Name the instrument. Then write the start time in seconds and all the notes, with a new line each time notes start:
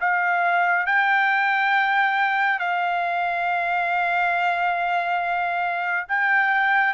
trumpet
0.00 F5
0.86 G5
2.59 F5
6.08 G5